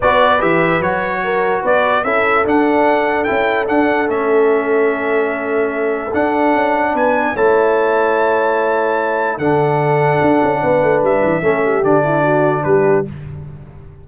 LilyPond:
<<
  \new Staff \with { instrumentName = "trumpet" } { \time 4/4 \tempo 4 = 147 d''4 e''4 cis''2 | d''4 e''4 fis''2 | g''4 fis''4 e''2~ | e''2. fis''4~ |
fis''4 gis''4 a''2~ | a''2. fis''4~ | fis''2. e''4~ | e''4 d''2 b'4 | }
  \new Staff \with { instrumentName = "horn" } { \time 4/4 b'2. ais'4 | b'4 a'2.~ | a'1~ | a'1~ |
a'4 b'4 cis''2~ | cis''2. a'4~ | a'2 b'2 | a'8 g'4 e'8 fis'4 g'4 | }
  \new Staff \with { instrumentName = "trombone" } { \time 4/4 fis'4 g'4 fis'2~ | fis'4 e'4 d'2 | e'4 d'4 cis'2~ | cis'2. d'4~ |
d'2 e'2~ | e'2. d'4~ | d'1 | cis'4 d'2. | }
  \new Staff \with { instrumentName = "tuba" } { \time 4/4 b4 e4 fis2 | b4 cis'4 d'2 | cis'4 d'4 a2~ | a2. d'4 |
cis'4 b4 a2~ | a2. d4~ | d4 d'8 cis'8 b8 a8 g8 e8 | a4 d2 g4 | }
>>